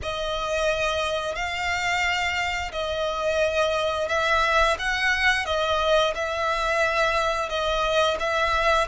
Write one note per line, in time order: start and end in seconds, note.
0.02 1.35 D#5
1.35 2.71 F5
2.72 4.08 D#5
4.08 4.76 E5
4.78 5.45 F#5
5.45 6.14 D#5
6.15 7.49 E5
7.49 8.17 D#5
8.19 8.87 E5